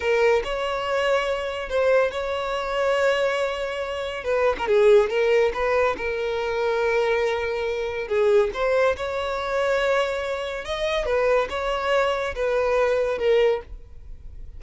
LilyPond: \new Staff \with { instrumentName = "violin" } { \time 4/4 \tempo 4 = 141 ais'4 cis''2. | c''4 cis''2.~ | cis''2 b'8. ais'16 gis'4 | ais'4 b'4 ais'2~ |
ais'2. gis'4 | c''4 cis''2.~ | cis''4 dis''4 b'4 cis''4~ | cis''4 b'2 ais'4 | }